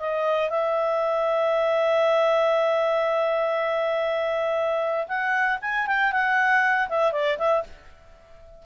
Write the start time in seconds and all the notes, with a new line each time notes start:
0.00 D#5
0.50 E5
5.08 F#5
5.62 G#5
5.87 G5
6.13 F#5
6.90 E5
7.13 D5
7.39 E5